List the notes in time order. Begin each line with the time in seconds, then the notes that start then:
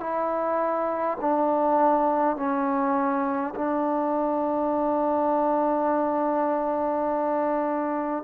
0.00 E4
1.21 D4
2.36 C#4
3.55 D4